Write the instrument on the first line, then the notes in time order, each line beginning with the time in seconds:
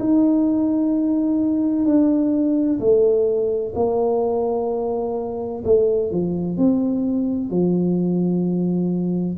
tuba
0.00 D#4
1.86 D4
2.80 A3
3.76 A#3
5.65 A3
6.12 F3
6.58 C4
7.50 F3